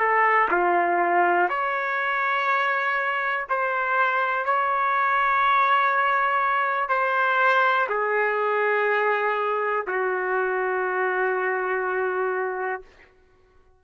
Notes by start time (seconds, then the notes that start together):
0.00 A4
0.51 F4
1.50 C#5
3.50 C5
4.45 C#5
6.89 C5
7.90 G#4
9.87 F#4